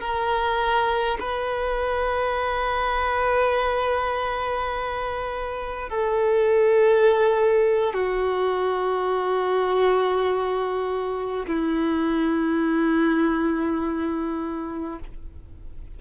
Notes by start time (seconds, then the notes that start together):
0.00 A#4
1.20 B4
5.89 A4
7.93 F#4
11.47 E4